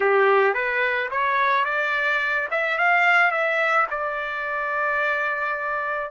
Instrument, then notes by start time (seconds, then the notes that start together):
trumpet
0.00 G4
0.54 B4
1.10 C#5
1.65 D5
2.51 E5
2.78 F5
3.31 E5
3.90 D5